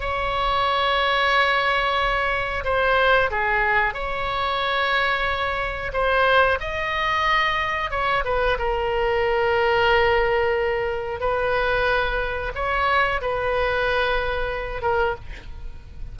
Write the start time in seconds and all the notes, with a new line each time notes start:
0.00 C#5
2.64 C5
3.30 G#4
3.94 C#5
5.93 C5
6.60 D#5
7.91 C#5
8.24 B4
8.59 A#4
11.20 B4
12.55 C#5
13.21 B4
14.82 A#4